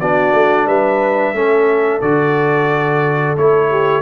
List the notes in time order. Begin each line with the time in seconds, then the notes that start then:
0.00 B3 D4 F#4 D5
0.32 A3
0.66 G3 B4 E5
1.33 A3 C#4 A4
2.01 D3 F#4 D5
3.37 A3 E4 C#5
3.71 G4